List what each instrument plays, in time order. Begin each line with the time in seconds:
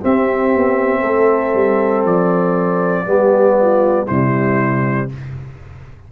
0.00 trombone C4, tuba C4, horn G4, trumpet E5
0.54 tuba B3
1.00 tuba A3, horn A4
1.54 tuba G3
2.04 tuba F3, trumpet D5
3.05 tuba G3, trombone B3, horn G4
3.61 horn F4
4.06 tuba C3, trombone G3, horn E4, trumpet C5